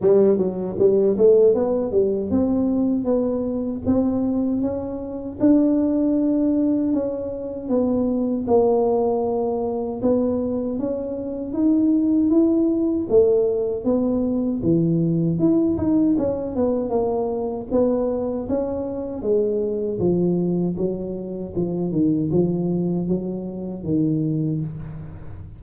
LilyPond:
\new Staff \with { instrumentName = "tuba" } { \time 4/4 \tempo 4 = 78 g8 fis8 g8 a8 b8 g8 c'4 | b4 c'4 cis'4 d'4~ | d'4 cis'4 b4 ais4~ | ais4 b4 cis'4 dis'4 |
e'4 a4 b4 e4 | e'8 dis'8 cis'8 b8 ais4 b4 | cis'4 gis4 f4 fis4 | f8 dis8 f4 fis4 dis4 | }